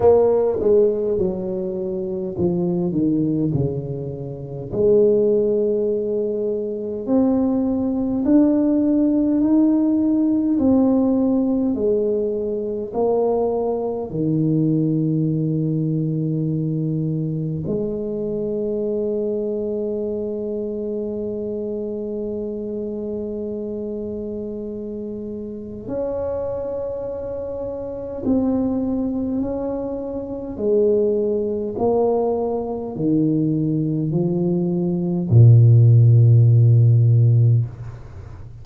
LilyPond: \new Staff \with { instrumentName = "tuba" } { \time 4/4 \tempo 4 = 51 ais8 gis8 fis4 f8 dis8 cis4 | gis2 c'4 d'4 | dis'4 c'4 gis4 ais4 | dis2. gis4~ |
gis1~ | gis2 cis'2 | c'4 cis'4 gis4 ais4 | dis4 f4 ais,2 | }